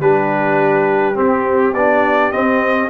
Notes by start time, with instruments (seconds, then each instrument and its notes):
0.00 tuba G3, trombone D4, horn G4, trumpet B4
1.15 trombone C4, tuba C4, trumpet G4
1.74 tuba B3, trombone D4, trumpet D5
2.32 trombone C4, tuba C4, trumpet D#5